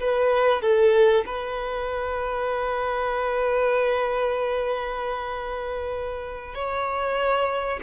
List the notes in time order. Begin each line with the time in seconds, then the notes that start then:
0.00 B4
0.62 A4
1.26 B4
6.55 C#5